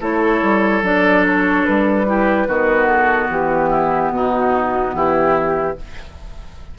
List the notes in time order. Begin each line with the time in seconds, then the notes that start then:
0.00 A3 E4 A4 C#5
0.42 G3
0.82 F#3 D4 D5
1.26 C#5
1.65 G3 B4
2.06 E4 G4
2.48 D#3 B3 F#4
2.87 A4
3.30 E3 G4
3.70 E4
4.09 B2 F#4
4.16 D#4
4.94 E3 E4 G4